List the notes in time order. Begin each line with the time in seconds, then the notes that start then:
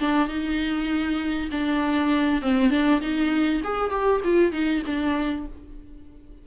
0.00 D4
0.28 D#4
1.52 D4
2.42 C4
2.70 D4
3.01 D#4
3.64 G#4
3.91 G4
4.24 F4
4.52 D#4
4.86 D4